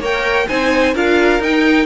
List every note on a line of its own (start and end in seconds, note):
0.00 0.46 A#3
0.00 0.48 A#4
0.00 0.47 C#5
0.00 0.48 G5
0.48 0.95 C4
0.48 0.94 D#4
0.48 0.95 C5
0.48 0.95 G#5
0.95 1.40 D4
0.95 1.41 F4
0.95 1.87 A#4
0.95 1.43 F5
1.40 1.86 D#4
1.40 1.87 D#4
1.40 1.87 G5